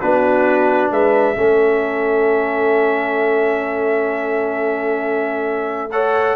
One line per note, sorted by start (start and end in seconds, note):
0.00 0.91 B3
0.00 1.35 D4
0.00 0.92 F#4
0.00 0.91 B4
0.91 1.36 G#3
0.91 1.37 B4
0.91 5.92 E5
1.35 6.36 A3
1.35 5.90 C#4
1.35 5.91 A4
5.91 6.36 A4
5.91 6.36 C#5
5.91 6.36 F#5